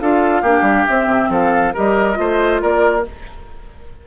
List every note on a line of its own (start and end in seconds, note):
0.00 0.43 D4
0.00 0.45 F4
0.00 0.42 A4
0.00 0.87 F5
0.42 0.62 A#3
0.42 0.88 D4
0.42 1.30 G4
0.62 0.84 G3
0.87 1.74 C4
0.87 1.07 C4
0.87 1.31 E5
1.07 1.28 C3
1.29 1.73 F3
1.29 1.74 A4
1.29 1.76 F5
1.74 2.18 G3
1.74 2.14 G4
1.74 2.18 A#4
1.74 2.62 D#5
2.14 2.62 A3
2.14 3.02 F4
2.14 2.62 C5
2.62 3.07 A#3
2.62 3.06 A#4
2.62 3.06 D5